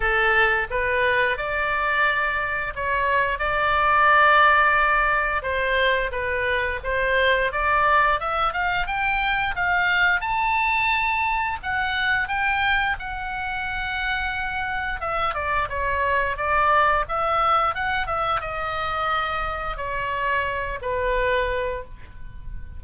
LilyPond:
\new Staff \with { instrumentName = "oboe" } { \time 4/4 \tempo 4 = 88 a'4 b'4 d''2 | cis''4 d''2. | c''4 b'4 c''4 d''4 | e''8 f''8 g''4 f''4 a''4~ |
a''4 fis''4 g''4 fis''4~ | fis''2 e''8 d''8 cis''4 | d''4 e''4 fis''8 e''8 dis''4~ | dis''4 cis''4. b'4. | }